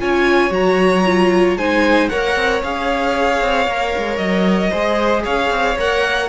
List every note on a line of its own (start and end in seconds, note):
0.00 0.51 C#4
0.00 0.50 F4
0.00 1.58 C#5
0.00 0.53 G#5
0.50 1.56 F#3
0.50 1.03 F#4
0.50 1.58 A#5
1.06 1.59 F4
1.56 2.09 G#3
1.56 2.11 D#4
1.56 2.11 C5
1.56 2.10 G#5
2.10 2.36 A#3
2.10 2.63 A#4
2.10 4.71 C#5
2.10 2.62 F#5
2.36 2.62 C4
2.63 3.42 C#4
2.63 3.68 G#4
2.63 4.18 F5
3.42 3.68 C4
3.68 3.94 A#3
3.68 4.73 A#4
3.98 4.19 G#3
4.18 4.71 F#3
4.18 5.23 D#5
4.71 5.26 G#3
4.71 5.78 G#4
4.71 5.23 C5
5.25 5.51 C#4
5.25 6.30 C#5
5.25 5.78 F5
5.51 5.77 C4
5.79 6.30 A#3
5.79 6.30 A#4
5.79 6.30 F#5